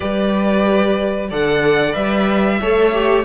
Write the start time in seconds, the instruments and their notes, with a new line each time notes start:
0.00 cello G3, viola G4, violin B4 D5
1.29 cello D3, viola A4, violin D5 F#5
1.92 cello G3, viola B4, violin E5
2.60 cello A3, viola A4, violin C#5
2.93 viola G4